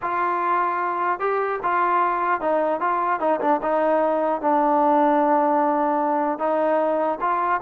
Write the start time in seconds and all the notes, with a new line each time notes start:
0.01 F4
1.19 G4
1.63 F4
2.40 D#4
2.80 F4
3.20 D#4
3.40 D4
3.62 D#4
4.41 D4
6.38 D#4
7.20 F4